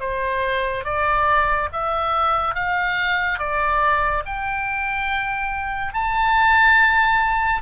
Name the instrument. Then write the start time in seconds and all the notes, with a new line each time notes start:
oboe
0.00 C5
0.85 D5
1.72 E5
2.55 F5
3.39 D5
4.26 G5
5.93 A5